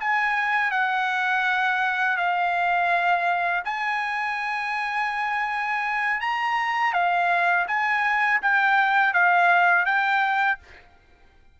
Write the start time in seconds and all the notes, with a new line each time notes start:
0.00 G#5
0.71 F#5
2.17 F5
3.65 G#5
6.21 A#5
6.93 F5
7.68 G#5
8.42 G5
9.14 F5
9.85 G5